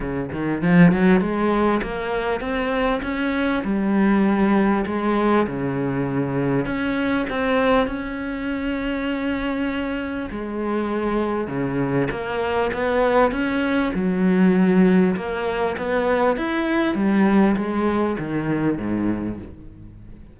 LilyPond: \new Staff \with { instrumentName = "cello" } { \time 4/4 \tempo 4 = 99 cis8 dis8 f8 fis8 gis4 ais4 | c'4 cis'4 g2 | gis4 cis2 cis'4 | c'4 cis'2.~ |
cis'4 gis2 cis4 | ais4 b4 cis'4 fis4~ | fis4 ais4 b4 e'4 | g4 gis4 dis4 gis,4 | }